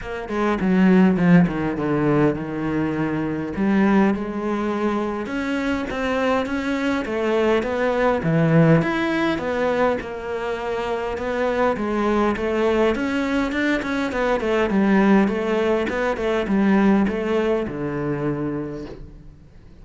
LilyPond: \new Staff \with { instrumentName = "cello" } { \time 4/4 \tempo 4 = 102 ais8 gis8 fis4 f8 dis8 d4 | dis2 g4 gis4~ | gis4 cis'4 c'4 cis'4 | a4 b4 e4 e'4 |
b4 ais2 b4 | gis4 a4 cis'4 d'8 cis'8 | b8 a8 g4 a4 b8 a8 | g4 a4 d2 | }